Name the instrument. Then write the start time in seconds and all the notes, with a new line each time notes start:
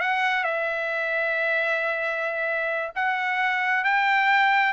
trumpet
0.00 F#5
0.43 E5
2.95 F#5
3.84 G5